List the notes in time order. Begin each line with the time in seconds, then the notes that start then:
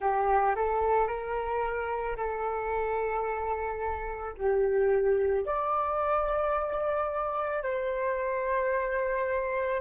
0.00 G4
0.55 A4
1.07 A#4
2.17 A4
4.37 G4
5.45 D5
7.63 C5